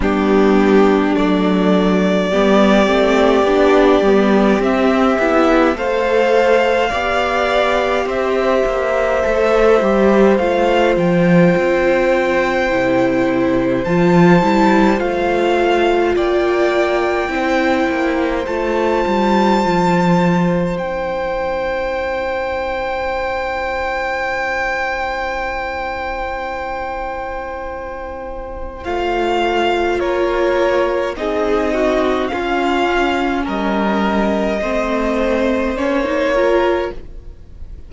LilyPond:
<<
  \new Staff \with { instrumentName = "violin" } { \time 4/4 \tempo 4 = 52 g'4 d''2. | e''4 f''2 e''4~ | e''4 f''8 g''2~ g''8 | a''4 f''4 g''2 |
a''2 g''2~ | g''1~ | g''4 f''4 cis''4 dis''4 | f''4 dis''2 cis''4 | }
  \new Staff \with { instrumentName = "violin" } { \time 4/4 d'2 g'2~ | g'4 c''4 d''4 c''4~ | c''1~ | c''2 d''4 c''4~ |
c''1~ | c''1~ | c''2 ais'4 gis'8 fis'8 | f'4 ais'4 c''4. ais'8 | }
  \new Staff \with { instrumentName = "viola" } { \time 4/4 b4 a4 b8 c'8 d'8 b8 | c'8 e'8 a'4 g'2 | a'8 g'8 f'2 e'4 | f'8 e'8 f'2 e'4 |
f'2 e'2~ | e'1~ | e'4 f'2 dis'4 | cis'2 c'4 cis'16 dis'16 f'8 | }
  \new Staff \with { instrumentName = "cello" } { \time 4/4 g4 fis4 g8 a8 b8 g8 | c'8 b8 a4 b4 c'8 ais8 | a8 g8 a8 f8 c'4 c4 | f8 g8 a4 ais4 c'8 ais8 |
a8 g8 f4 c'2~ | c'1~ | c'4 a4 ais4 c'4 | cis'4 g4 a4 ais4 | }
>>